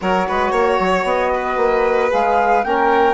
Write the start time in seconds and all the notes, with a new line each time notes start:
0.01 F#3 F#4 A#4 C#5
0.28 G#3 B4
0.51 A#3 C#5
0.79 F#3
1.04 B3 D#5
1.34 B4
1.56 A#3
2.09 G#3 G#4 F5
2.62 A#3 C#4 A#4 G5